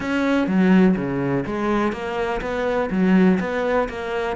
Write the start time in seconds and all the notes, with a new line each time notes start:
0.00 C#4
0.47 F#3
0.96 C#3
1.46 G#3
1.92 A#3
2.41 B3
2.90 F#3
3.40 B3
3.88 A#3